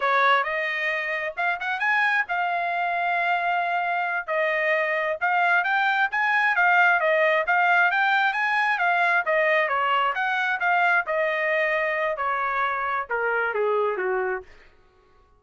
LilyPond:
\new Staff \with { instrumentName = "trumpet" } { \time 4/4 \tempo 4 = 133 cis''4 dis''2 f''8 fis''8 | gis''4 f''2.~ | f''4. dis''2 f''8~ | f''8 g''4 gis''4 f''4 dis''8~ |
dis''8 f''4 g''4 gis''4 f''8~ | f''8 dis''4 cis''4 fis''4 f''8~ | f''8 dis''2~ dis''8 cis''4~ | cis''4 ais'4 gis'4 fis'4 | }